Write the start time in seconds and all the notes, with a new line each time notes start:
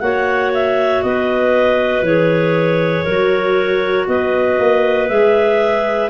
0.00 A#3 F#4 C#5 F#5
0.54 E5
1.03 B3 B4 D#5
2.02 E3 G#4 C#5
3.04 F#3 F#4 A#4
4.08 B3 B4 D#5
4.59 A#3
5.08 G#3 G#4 E5